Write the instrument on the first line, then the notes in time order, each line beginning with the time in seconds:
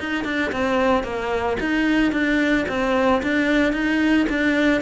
cello
0.00 D#4
0.25 D4
0.53 C4
1.04 A#3
1.60 D#4
2.13 D4
2.69 C4
3.23 D4
3.73 D#4
4.30 D4